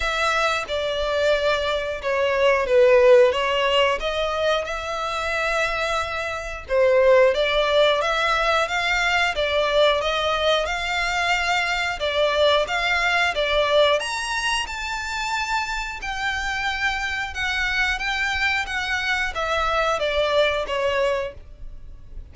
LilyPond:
\new Staff \with { instrumentName = "violin" } { \time 4/4 \tempo 4 = 90 e''4 d''2 cis''4 | b'4 cis''4 dis''4 e''4~ | e''2 c''4 d''4 | e''4 f''4 d''4 dis''4 |
f''2 d''4 f''4 | d''4 ais''4 a''2 | g''2 fis''4 g''4 | fis''4 e''4 d''4 cis''4 | }